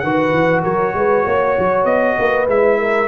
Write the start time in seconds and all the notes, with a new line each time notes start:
0.00 D#3 F#4 B4 F#5
0.33 E3
0.63 F#3 A#4 C#5
0.94 G#3 B4
1.26 A#3 C#5
1.59 F#3
1.85 B3 D#5
2.19 A#3 B4
2.48 G#3 E4 E5
2.80 A#4